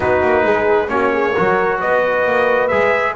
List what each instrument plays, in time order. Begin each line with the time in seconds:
0.00 double bass B3, trombone D#4, horn F#4, trumpet B4
0.22 double bass A#3
0.43 double bass G#3, horn G#4
0.87 double bass A#3, trombone C#4, horn F#4, trumpet C#5
1.12 horn G#4
1.33 double bass F#3, trombone F#4, horn A#4
1.79 double bass B3, horn B4, trumpet D#5
2.26 double bass A#3
2.68 double bass G#3, trombone G#4, trumpet E5